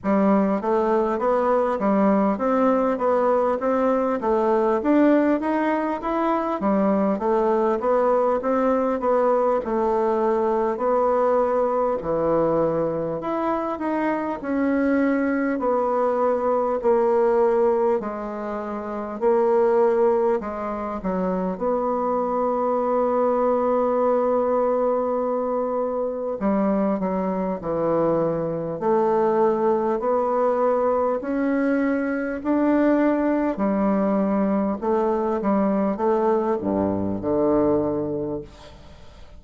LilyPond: \new Staff \with { instrumentName = "bassoon" } { \time 4/4 \tempo 4 = 50 g8 a8 b8 g8 c'8 b8 c'8 a8 | d'8 dis'8 e'8 g8 a8 b8 c'8 b8 | a4 b4 e4 e'8 dis'8 | cis'4 b4 ais4 gis4 |
ais4 gis8 fis8 b2~ | b2 g8 fis8 e4 | a4 b4 cis'4 d'4 | g4 a8 g8 a8 g,8 d4 | }